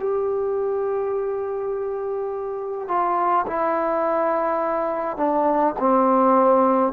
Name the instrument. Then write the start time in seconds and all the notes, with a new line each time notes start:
trombone
0.00 G4
2.88 F4
3.47 E4
5.17 D4
5.80 C4